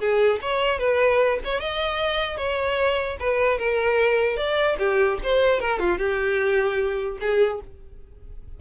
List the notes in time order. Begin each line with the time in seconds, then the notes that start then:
0.00 G#4
0.42 C#5
0.79 B4
1.45 C#5
1.60 D#5
2.37 C#5
3.20 B4
3.59 A#4
4.37 D5
4.79 G4
5.23 C5
5.60 A#4
5.80 F4
5.98 G4
7.21 G#4